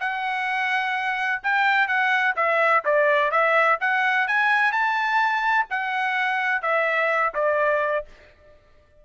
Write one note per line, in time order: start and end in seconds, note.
0.00 1.42 F#5
1.43 1.88 G5
1.88 2.35 F#5
2.36 2.83 E5
2.85 3.31 D5
3.31 3.78 E5
3.81 4.28 F#5
4.28 4.72 G#5
4.72 5.66 A5
5.70 6.62 F#5
6.62 7.33 E5
7.34 8.05 D5